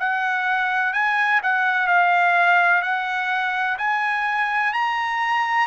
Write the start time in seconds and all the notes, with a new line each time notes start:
0.00 F#5
0.94 G#5
1.43 F#5
1.88 F5
2.82 F#5
3.78 G#5
4.74 A#5